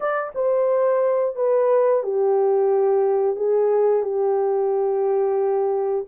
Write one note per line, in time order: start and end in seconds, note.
0.00 0.32 D5
0.35 1.35 C5
1.35 2.03 B4
2.03 3.36 G4
3.36 4.03 G#4
4.03 6.05 G4